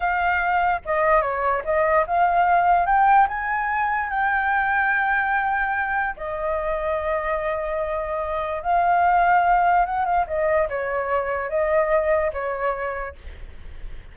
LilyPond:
\new Staff \with { instrumentName = "flute" } { \time 4/4 \tempo 4 = 146 f''2 dis''4 cis''4 | dis''4 f''2 g''4 | gis''2 g''2~ | g''2. dis''4~ |
dis''1~ | dis''4 f''2. | fis''8 f''8 dis''4 cis''2 | dis''2 cis''2 | }